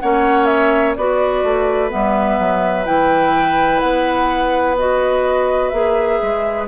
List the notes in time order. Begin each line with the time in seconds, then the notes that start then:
0.00 A#3 C#4 C#5 F#5
0.46 E5
0.95 B3 F#4 B4 D5
1.43 A3
1.89 G3 B3 E5
2.39 F#3
2.85 E3 E4 G5
3.80 B3 F#5
4.78 F#4 D#5
5.69 A#3 G#4 E5
6.22 G#3